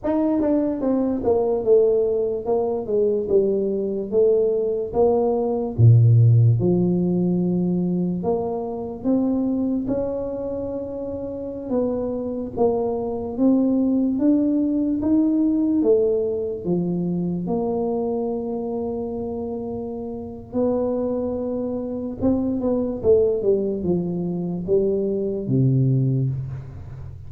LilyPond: \new Staff \with { instrumentName = "tuba" } { \time 4/4 \tempo 4 = 73 dis'8 d'8 c'8 ais8 a4 ais8 gis8 | g4 a4 ais4 ais,4 | f2 ais4 c'4 | cis'2~ cis'16 b4 ais8.~ |
ais16 c'4 d'4 dis'4 a8.~ | a16 f4 ais2~ ais8.~ | ais4 b2 c'8 b8 | a8 g8 f4 g4 c4 | }